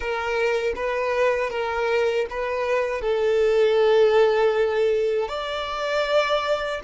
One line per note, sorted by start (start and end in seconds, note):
0.00 0.73 A#4
0.75 1.50 B4
1.50 2.26 A#4
2.30 3.01 B4
3.01 5.28 A4
5.28 6.80 D5